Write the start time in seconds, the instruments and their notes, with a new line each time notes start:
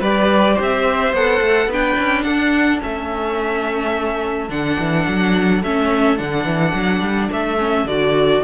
0.00 cello G3, viola G4, violin B4 D5
0.54 violin C5
0.60 cello C4, violin E5
1.12 cello B3, viola A4, violin F#5
1.41 cello A3
1.66 cello B3, viola D4, violin B4
1.73 violin G5
1.99 cello C#4
2.22 cello D4, violin A4 F#5
2.79 cello A3, viola C#4, violin E5
4.49 cello D3, viola D4, violin F#5
4.79 cello E3
5.07 cello F#3
5.63 cello A3, viola C#4, violin E5
6.17 cello D3, viola D4, violin F#5
6.45 cello E3
6.74 cello F#3
7.01 cello G3
7.32 cello A3, violin E5
7.58 viola C#4
7.84 cello D3, viola F#4, violin D5